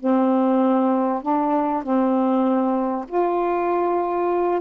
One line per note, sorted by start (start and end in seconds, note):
0.00 1.22 C4
1.22 1.83 D4
1.83 3.06 C4
3.08 4.61 F4